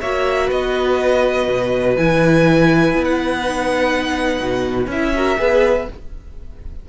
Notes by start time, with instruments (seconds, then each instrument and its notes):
0.00 cello A#3, viola F#4, violin C#5 E5
0.46 cello B3, violin B4 D#5
1.47 cello B2
1.96 cello E3, viola E4, violin G#5
2.93 cello B3
3.04 violin F#5
3.42 viola D#4
4.40 cello B2
4.87 cello C#4, viola E4, violin E5
5.15 viola F#4, violin A#4
5.37 cello B3, viola G#4, violin B4